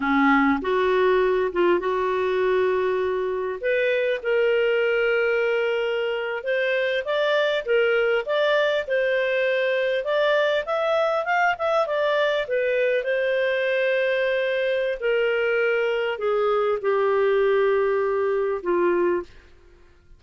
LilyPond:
\new Staff \with { instrumentName = "clarinet" } { \time 4/4 \tempo 4 = 100 cis'4 fis'4. f'8 fis'4~ | fis'2 b'4 ais'4~ | ais'2~ ais'8. c''4 d''16~ | d''8. ais'4 d''4 c''4~ c''16~ |
c''8. d''4 e''4 f''8 e''8 d''16~ | d''8. b'4 c''2~ c''16~ | c''4 ais'2 gis'4 | g'2. f'4 | }